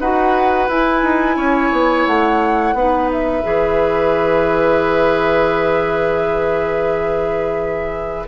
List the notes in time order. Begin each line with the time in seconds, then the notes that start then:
0.00 D#4 F#4 B4 F#5
0.69 E4 G#5
1.03 D#4
1.36 C#4 C#5
1.72 B3
2.07 A3 F#5
2.74 B3 D#4 B4
3.12 E5
3.43 E3 G#4